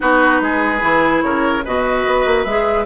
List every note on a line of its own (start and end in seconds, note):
0.00 0.40 B3
0.00 0.78 D#4
0.00 0.41 F#4
0.00 1.22 B4
0.40 0.81 G#3
0.40 1.24 G#4
0.80 1.22 E3
0.80 1.62 E4
1.22 1.64 C#3
1.22 1.64 A#4
1.22 1.62 C#5
1.64 2.05 B2
1.64 2.47 F#4
1.64 2.85 B4
1.64 2.43 D#5
2.05 2.25 B3
2.25 2.45 A#3
2.43 2.85 G#3
2.43 2.85 G#4
2.43 2.84 E5